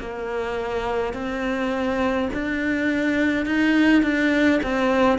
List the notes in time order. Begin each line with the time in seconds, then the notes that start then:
0.00 A#3
1.14 C4
2.34 D4
3.46 D#4
4.03 D4
4.64 C4